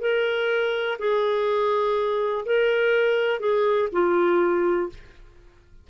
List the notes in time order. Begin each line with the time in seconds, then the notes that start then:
0.00 A#4
0.98 G#4
2.45 A#4
3.40 G#4
3.92 F4